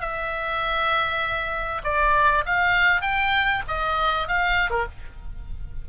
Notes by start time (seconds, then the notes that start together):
0.00 E5
1.84 D5
2.46 F5
3.02 G5
3.68 D#5
4.28 F5
4.70 A#4